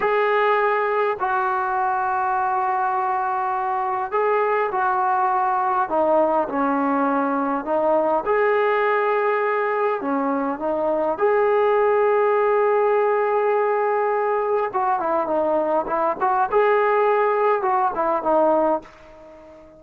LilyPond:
\new Staff \with { instrumentName = "trombone" } { \time 4/4 \tempo 4 = 102 gis'2 fis'2~ | fis'2. gis'4 | fis'2 dis'4 cis'4~ | cis'4 dis'4 gis'2~ |
gis'4 cis'4 dis'4 gis'4~ | gis'1~ | gis'4 fis'8 e'8 dis'4 e'8 fis'8 | gis'2 fis'8 e'8 dis'4 | }